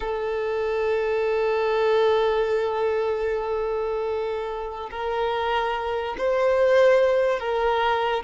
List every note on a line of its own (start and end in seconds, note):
0.00 4.90 A4
4.91 6.16 A#4
6.18 7.39 C5
7.39 8.23 A#4